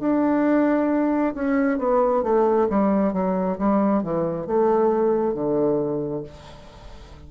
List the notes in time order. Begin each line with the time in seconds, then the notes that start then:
0.00 D4
1.35 C#4
1.79 B3
2.23 A3
2.69 G3
3.13 F#3
3.58 G3
4.03 E3
4.47 A3
5.34 D3